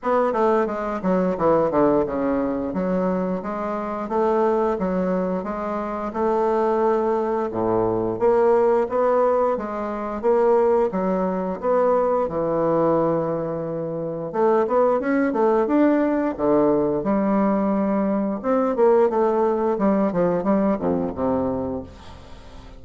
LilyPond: \new Staff \with { instrumentName = "bassoon" } { \time 4/4 \tempo 4 = 88 b8 a8 gis8 fis8 e8 d8 cis4 | fis4 gis4 a4 fis4 | gis4 a2 a,4 | ais4 b4 gis4 ais4 |
fis4 b4 e2~ | e4 a8 b8 cis'8 a8 d'4 | d4 g2 c'8 ais8 | a4 g8 f8 g8 f,8 c4 | }